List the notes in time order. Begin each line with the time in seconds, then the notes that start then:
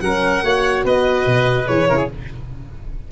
0.00 F#3 C#4 A#4 F#5
0.42 A#3 F#4 C#5
0.84 B3 B4 D#5
1.26 B2
1.66 E3 G#4 C#5
1.89 C#3 E4 A#4
1.97 G#4